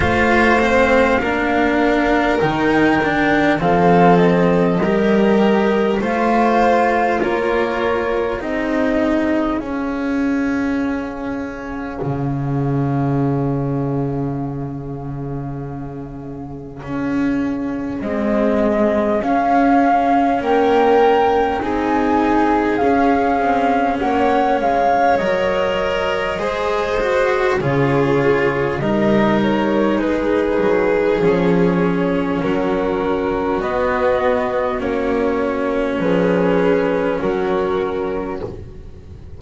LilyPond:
<<
  \new Staff \with { instrumentName = "flute" } { \time 4/4 \tempo 4 = 50 f''2 g''4 f''8 dis''8~ | dis''4 f''4 cis''4 dis''4 | f''1~ | f''2. dis''4 |
f''4 g''4 gis''4 f''4 | fis''8 f''8 dis''2 cis''4 | dis''8 cis''8 b'4 cis''4 ais'4 | dis''4 cis''4 b'4 ais'4 | }
  \new Staff \with { instrumentName = "violin" } { \time 4/4 c''4 ais'2 a'4 | ais'4 c''4 ais'4 gis'4~ | gis'1~ | gis'1~ |
gis'4 ais'4 gis'2 | cis''2 c''4 gis'4 | ais'4 gis'2 fis'4~ | fis'2 gis'4 fis'4 | }
  \new Staff \with { instrumentName = "cello" } { \time 4/4 f'8 c'8 d'4 dis'8 d'8 c'4 | g'4 f'2 dis'4 | cis'1~ | cis'2. gis4 |
cis'2 dis'4 cis'4~ | cis'4 ais'4 gis'8 fis'8 f'4 | dis'2 cis'2 | b4 cis'2. | }
  \new Staff \with { instrumentName = "double bass" } { \time 4/4 a4 ais4 dis4 f4 | g4 a4 ais4 c'4 | cis'2 cis2~ | cis2 cis'4 c'4 |
cis'4 ais4 c'4 cis'8 c'8 | ais8 gis8 fis4 gis4 cis4 | g4 gis8 fis8 f4 fis4 | b4 ais4 f4 fis4 | }
>>